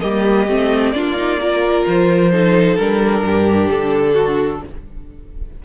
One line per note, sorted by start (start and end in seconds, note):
0.00 0.48 G3
0.00 0.47 A#3
0.00 0.94 G4
0.00 0.91 D#5
0.48 0.93 A3
0.48 0.95 C4
0.91 1.85 A#3
0.91 1.16 D4
0.91 1.40 F4
0.91 1.84 D5
1.16 1.39 D#4
1.40 2.32 F4
1.40 2.32 A#4
1.87 2.78 F3
1.87 2.77 C5
2.32 2.78 D#4
2.32 3.24 A4
2.77 3.22 G3
2.77 4.64 D4
2.77 3.69 A#4
3.22 3.68 G2
3.22 4.13 G4
3.70 4.62 D3
3.70 4.62 A4
4.13 4.59 F#4